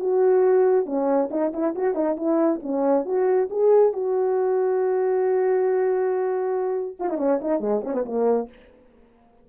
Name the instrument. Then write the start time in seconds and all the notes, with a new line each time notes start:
horn
0.00 F#4
0.86 C#4
1.31 D#4
1.53 E4
1.75 F#4
1.95 D#4
2.17 E4
2.63 C#4
3.06 F#4
3.51 G#4
3.93 F#4
7.00 F4
7.10 D#4
7.18 C#4
7.42 D#4
7.60 G#3
7.84 C#4
7.94 B3
8.06 A#3